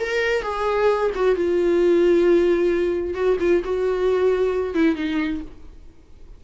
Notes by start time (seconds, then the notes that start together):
0.00 A#4
0.42 G#4
1.15 F#4
1.35 F4
3.14 F#4
3.40 F4
3.64 F#4
4.74 E4
4.95 D#4